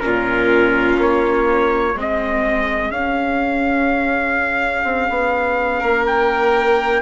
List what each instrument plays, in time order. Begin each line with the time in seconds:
0.00 bassoon A#2, viola C#4, violin F4, trumpet A#4
0.98 bassoon A#3, trumpet C#5
1.94 bassoon G#3, viola C4, violin G#4
2.01 trumpet D#5
2.91 bassoon C#4, viola C#4, trumpet F5
4.84 bassoon C4
5.10 bassoon B3
5.80 bassoon A#3, violin A#4
6.07 trumpet G5